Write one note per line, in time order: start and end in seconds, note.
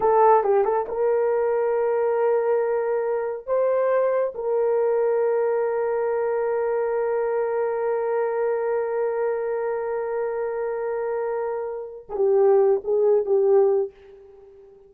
0.00 0.43 A4
0.43 0.64 G4
0.64 0.86 A4
0.88 3.46 A#4
3.46 4.33 C5
4.34 12.06 A#4
12.09 12.15 G#4
12.15 12.81 G4
12.84 13.25 G#4
13.25 13.91 G4